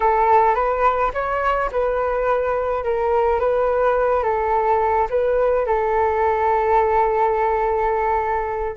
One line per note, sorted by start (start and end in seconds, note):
0.00 0.55 A4
0.55 1.11 B4
1.13 1.70 C#5
1.71 2.84 B4
2.84 3.39 A#4
3.39 4.23 B4
4.23 5.08 A4
5.09 5.66 B4
5.66 8.76 A4